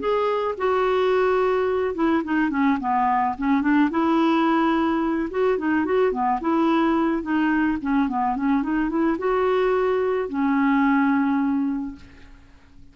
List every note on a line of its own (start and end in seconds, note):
0.00 0.56 G#4
0.58 1.95 F#4
1.95 2.23 E4
2.24 2.51 D#4
2.51 2.79 C#4
2.80 3.36 B3
3.39 3.62 C#4
3.62 3.90 D4
3.91 5.30 E4
5.31 5.59 F#4
5.59 5.86 D#4
5.86 6.12 F#4
6.12 6.40 B3
6.41 7.23 E4
7.23 7.78 D#4
7.82 8.09 C#4
8.09 8.37 B3
8.37 8.63 C#4
8.63 8.90 D#4
8.90 9.18 E4
9.19 10.29 F#4
10.29 11.96 C#4